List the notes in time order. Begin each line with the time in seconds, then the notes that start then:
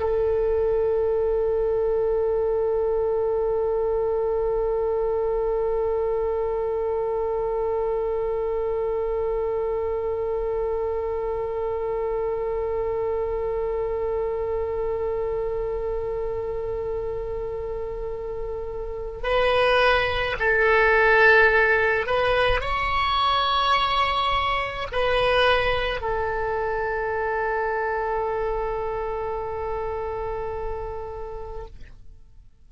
0.00 A4
19.23 B4
20.39 A4
22.07 B4
22.61 C#5
24.92 B4
26.00 A4